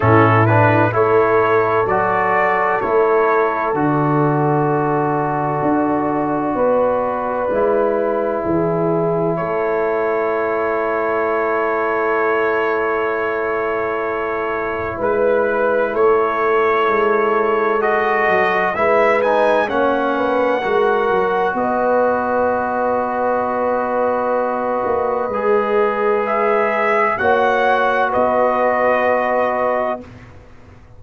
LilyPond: <<
  \new Staff \with { instrumentName = "trumpet" } { \time 4/4 \tempo 4 = 64 a'8 b'8 cis''4 d''4 cis''4 | d''1~ | d''2 cis''2~ | cis''1 |
b'4 cis''2 dis''4 | e''8 gis''8 fis''2 dis''4~ | dis''1 | e''4 fis''4 dis''2 | }
  \new Staff \with { instrumentName = "horn" } { \time 4/4 e'4 a'2.~ | a'2. b'4~ | b'4 gis'4 a'2~ | a'1 |
b'4 a'2. | b'4 cis''8 b'8 ais'4 b'4~ | b'1~ | b'4 cis''4 b'2 | }
  \new Staff \with { instrumentName = "trombone" } { \time 4/4 cis'8 d'8 e'4 fis'4 e'4 | fis'1 | e'1~ | e'1~ |
e'2. fis'4 | e'8 dis'8 cis'4 fis'2~ | fis'2. gis'4~ | gis'4 fis'2. | }
  \new Staff \with { instrumentName = "tuba" } { \time 4/4 a,4 a4 fis4 a4 | d2 d'4 b4 | gis4 e4 a2~ | a1 |
gis4 a4 gis4. fis8 | gis4 ais4 gis8 fis8 b4~ | b2~ b8 ais8 gis4~ | gis4 ais4 b2 | }
>>